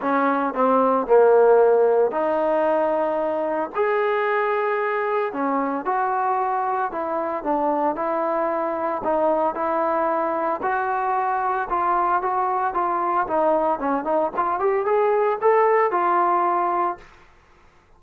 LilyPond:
\new Staff \with { instrumentName = "trombone" } { \time 4/4 \tempo 4 = 113 cis'4 c'4 ais2 | dis'2. gis'4~ | gis'2 cis'4 fis'4~ | fis'4 e'4 d'4 e'4~ |
e'4 dis'4 e'2 | fis'2 f'4 fis'4 | f'4 dis'4 cis'8 dis'8 f'8 g'8 | gis'4 a'4 f'2 | }